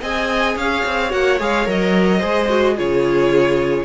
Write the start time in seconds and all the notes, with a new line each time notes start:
0.00 C4 G#4 D#5 G#5
0.55 C#4 C#5 F5
0.85 C4
1.09 A#3 F#4 F#5
1.39 G#3 G#4 F5
1.65 F#3 A#4 D#5
2.18 G#3 G#4 C5
2.49 F#4
2.75 C#3 F4 G#4 C#5